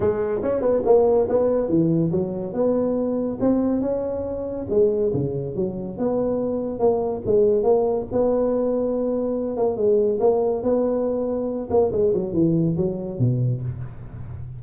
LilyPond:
\new Staff \with { instrumentName = "tuba" } { \time 4/4 \tempo 4 = 141 gis4 cis'8 b8 ais4 b4 | e4 fis4 b2 | c'4 cis'2 gis4 | cis4 fis4 b2 |
ais4 gis4 ais4 b4~ | b2~ b8 ais8 gis4 | ais4 b2~ b8 ais8 | gis8 fis8 e4 fis4 b,4 | }